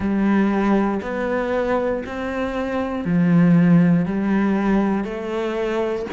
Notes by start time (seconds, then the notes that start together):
0.00 G3
1.02 B3
2.06 C4
3.05 F3
4.05 G3
5.04 A3